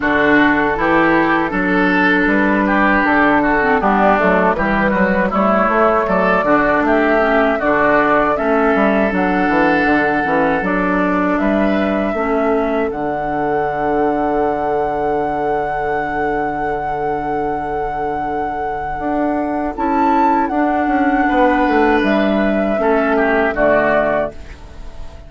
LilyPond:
<<
  \new Staff \with { instrumentName = "flute" } { \time 4/4 \tempo 4 = 79 a'2. b'4 | a'4 g'8 a'8 b'4 cis''4 | d''4 e''4 d''4 e''4 | fis''2 d''4 e''4~ |
e''4 fis''2.~ | fis''1~ | fis''2 a''4 fis''4~ | fis''4 e''2 d''4 | }
  \new Staff \with { instrumentName = "oboe" } { \time 4/4 fis'4 g'4 a'4. g'8~ | g'8 fis'8 d'4 g'8 fis'8 e'4 | a'8 fis'8 g'4 fis'4 a'4~ | a'2. b'4 |
a'1~ | a'1~ | a'1 | b'2 a'8 g'8 fis'4 | }
  \new Staff \with { instrumentName = "clarinet" } { \time 4/4 d'4 e'4 d'2~ | d'8. c'16 b8 a8 g4 a4~ | a8 d'4 cis'8 d'4 cis'4 | d'4. cis'8 d'2 |
cis'4 d'2.~ | d'1~ | d'2 e'4 d'4~ | d'2 cis'4 a4 | }
  \new Staff \with { instrumentName = "bassoon" } { \time 4/4 d4 e4 fis4 g4 | d4 g8 fis8 e8 fis8 g8 a8 | fis8 d8 a4 d4 a8 g8 | fis8 e8 d8 e8 fis4 g4 |
a4 d2.~ | d1~ | d4 d'4 cis'4 d'8 cis'8 | b8 a8 g4 a4 d4 | }
>>